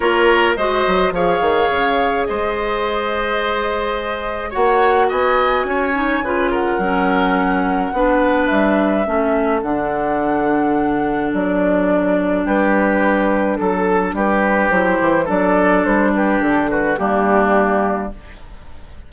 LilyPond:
<<
  \new Staff \with { instrumentName = "flute" } { \time 4/4 \tempo 4 = 106 cis''4 dis''4 f''2 | dis''1 | fis''4 gis''2~ gis''8 fis''8~ | fis''2. e''4~ |
e''4 fis''2. | d''2 b'2 | a'4 b'4 c''4 d''4 | c''8 b'8 a'8 b'8 g'2 | }
  \new Staff \with { instrumentName = "oboe" } { \time 4/4 ais'4 c''4 cis''2 | c''1 | cis''4 dis''4 cis''4 b'8 ais'8~ | ais'2 b'2 |
a'1~ | a'2 g'2 | a'4 g'2 a'4~ | a'8 g'4 fis'8 d'2 | }
  \new Staff \with { instrumentName = "clarinet" } { \time 4/4 f'4 fis'4 gis'2~ | gis'1 | fis'2~ fis'8 dis'8 f'4 | cis'2 d'2 |
cis'4 d'2.~ | d'1~ | d'2 e'4 d'4~ | d'2 ais2 | }
  \new Staff \with { instrumentName = "bassoon" } { \time 4/4 ais4 gis8 fis8 f8 dis8 cis4 | gis1 | ais4 b4 cis'4 cis4 | fis2 b4 g4 |
a4 d2. | fis2 g2 | fis4 g4 fis8 e8 fis4 | g4 d4 g2 | }
>>